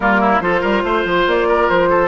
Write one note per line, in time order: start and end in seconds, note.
0.00 0.40 G3
0.00 0.41 A#3
0.00 0.20 F4
0.00 0.40 A#4
0.20 0.41 E4
0.40 0.61 F3
0.40 2.07 F4
0.40 0.61 A4
0.40 1.24 C5
0.61 0.83 G3
0.61 0.82 A#4
0.83 1.04 A3
0.83 1.48 C5
1.04 1.25 F3
1.26 1.68 A#3
1.26 1.69 D5
1.48 1.89 A#4
1.69 2.07 F3
1.69 2.07 C5
1.89 2.07 A4